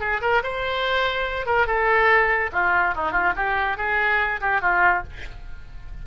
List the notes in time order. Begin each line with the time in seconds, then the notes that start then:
0.00 G#4
0.21 A#4
0.43 C5
1.46 A#4
1.67 A4
2.52 F4
2.95 D#4
3.12 F4
3.36 G4
3.77 G#4
4.41 G4
4.61 F4